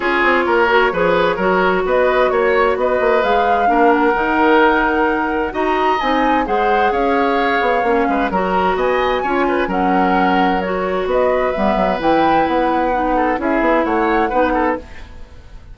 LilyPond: <<
  \new Staff \with { instrumentName = "flute" } { \time 4/4 \tempo 4 = 130 cis''1 | dis''4 cis''4 dis''4 f''4~ | f''8 fis''2.~ fis''8 | ais''4 gis''4 fis''4 f''4~ |
f''2 ais''4 gis''4~ | gis''4 fis''2 cis''4 | dis''4 e''4 g''4 fis''4~ | fis''4 e''4 fis''2 | }
  \new Staff \with { instrumentName = "oboe" } { \time 4/4 gis'4 ais'4 b'4 ais'4 | b'4 cis''4 b'2 | ais'1 | dis''2 c''4 cis''4~ |
cis''4. b'8 ais'4 dis''4 | cis''8 b'8 ais'2. | b'1~ | b'8 a'8 gis'4 cis''4 b'8 a'8 | }
  \new Staff \with { instrumentName = "clarinet" } { \time 4/4 f'4. fis'8 gis'4 fis'4~ | fis'2. gis'4 | d'4 dis'2. | fis'4 dis'4 gis'2~ |
gis'4 cis'4 fis'2 | f'4 cis'2 fis'4~ | fis'4 b4 e'2 | dis'4 e'2 dis'4 | }
  \new Staff \with { instrumentName = "bassoon" } { \time 4/4 cis'8 c'8 ais4 f4 fis4 | b4 ais4 b8 ais8 gis4 | ais4 dis2. | dis'4 c'4 gis4 cis'4~ |
cis'8 b8 ais8 gis8 fis4 b4 | cis'4 fis2. | b4 g8 fis8 e4 b4~ | b4 cis'8 b8 a4 b4 | }
>>